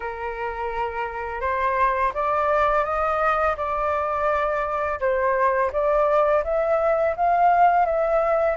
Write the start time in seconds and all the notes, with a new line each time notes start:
0.00 A#4
1.41 C5
2.14 D5
2.84 D#5
3.56 D5
4.99 C5
5.72 D5
6.44 E5
7.16 F5
7.85 E5